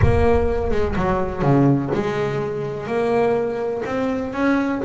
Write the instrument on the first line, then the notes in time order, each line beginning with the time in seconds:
double bass
0.02 A#3
0.70 G#3
0.95 F#3
1.42 C#3
1.93 G#3
2.86 A#3
3.85 C4
4.33 C#4